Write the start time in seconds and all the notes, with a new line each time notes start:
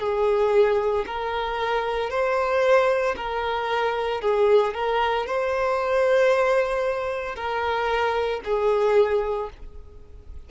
0.00 G#4
1.07 A#4
2.11 C5
3.17 A#4
4.22 G#4
4.75 A#4
5.27 C5
7.36 A#4
8.45 G#4